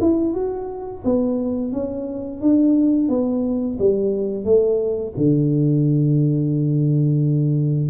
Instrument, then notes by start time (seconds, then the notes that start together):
tuba
0.00 E4
0.34 F#4
1.04 B3
1.72 C#4
2.41 D4
3.08 B3
3.79 G3
4.45 A3
5.17 D3